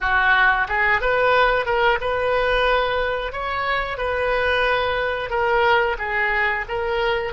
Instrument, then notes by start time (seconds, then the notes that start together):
oboe
0.00 F#4
0.68 G#4
1.01 B4
1.65 A#4
2.01 B4
3.32 C#5
3.97 B4
5.29 A#4
5.98 G#4
6.68 A#4